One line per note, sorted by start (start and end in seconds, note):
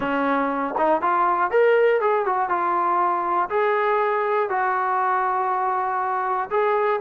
0.00 0.74 C#4
0.77 1.01 D#4
1.01 1.50 F4
1.50 2.00 A#4
2.00 2.25 G#4
2.25 2.49 F#4
2.49 3.49 F4
3.49 4.49 G#4
4.49 6.49 F#4
6.50 7.00 G#4